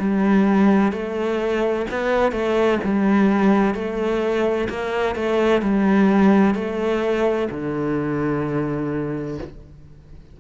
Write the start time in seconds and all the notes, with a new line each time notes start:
0.00 G3
0.92 A3
1.91 B3
2.32 A3
2.84 G3
3.75 A3
4.70 A#3
5.16 A3
5.62 G3
6.55 A3
7.51 D3